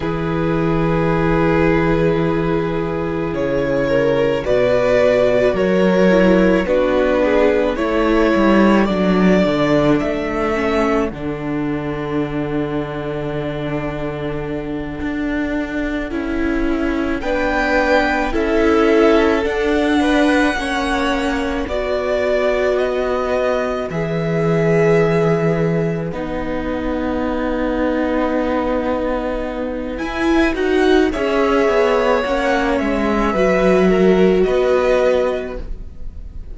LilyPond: <<
  \new Staff \with { instrumentName = "violin" } { \time 4/4 \tempo 4 = 54 b'2. cis''4 | d''4 cis''4 b'4 cis''4 | d''4 e''4 fis''2~ | fis''2.~ fis''8 g''8~ |
g''8 e''4 fis''2 d''8~ | d''8 dis''4 e''2 fis''8~ | fis''2. gis''8 fis''8 | e''4 fis''8 e''4. dis''4 | }
  \new Staff \with { instrumentName = "violin" } { \time 4/4 gis'2.~ gis'8 ais'8 | b'4 ais'4 fis'8 gis'8 a'4~ | a'1~ | a'2.~ a'8 b'8~ |
b'8 a'4. b'8 cis''4 b'8~ | b'1~ | b'1 | cis''2 b'8 ais'8 b'4 | }
  \new Staff \with { instrumentName = "viola" } { \time 4/4 e'1 | fis'4. e'8 d'4 e'4 | d'4. cis'8 d'2~ | d'2~ d'8 e'4 d'8~ |
d'8 e'4 d'4 cis'4 fis'8~ | fis'4. gis'2 dis'8~ | dis'2. e'8 fis'8 | gis'4 cis'4 fis'2 | }
  \new Staff \with { instrumentName = "cello" } { \time 4/4 e2. cis4 | b,4 fis4 b4 a8 g8 | fis8 d8 a4 d2~ | d4. d'4 cis'4 b8~ |
b8 cis'4 d'4 ais4 b8~ | b4. e2 b8~ | b2. e'8 dis'8 | cis'8 b8 ais8 gis8 fis4 b4 | }
>>